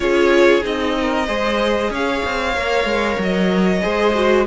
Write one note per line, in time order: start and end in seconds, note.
0.00 0.63 C#4
0.00 0.61 F4
0.00 0.97 G#4
0.00 0.63 C#5
0.61 1.28 C4
0.61 1.25 D#4
0.61 1.93 D#5
1.01 1.27 A#4
1.27 1.89 G#3
1.27 2.55 G#4
1.27 1.91 C5
1.89 2.21 C#4
1.89 3.82 C#5
1.89 3.22 F5
2.25 2.57 C4
2.56 2.84 A#3
2.56 3.81 A#4
2.84 3.16 G#3
3.18 3.82 F#3
3.18 4.46 D#5
3.81 4.46 G#3
3.81 4.13 G#4
3.81 4.46 C5
4.14 4.46 F#4